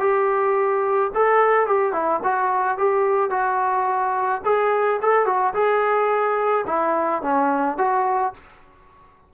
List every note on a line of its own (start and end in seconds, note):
0.00 1.11 G4
1.15 1.67 A4
1.67 1.93 G4
1.93 2.20 E4
2.24 2.78 F#4
2.78 3.31 G4
3.31 4.42 F#4
4.45 5.01 G#4
5.02 5.26 A4
5.26 5.54 F#4
5.54 6.65 G#4
6.67 7.22 E4
7.22 7.78 C#4
7.78 8.33 F#4